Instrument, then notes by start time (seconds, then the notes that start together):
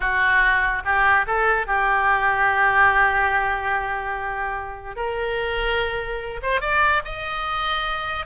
oboe
0.00 F#4
0.84 G4
1.27 A4
1.66 G4
4.95 A#4
6.42 C5
6.60 D5
7.04 D#5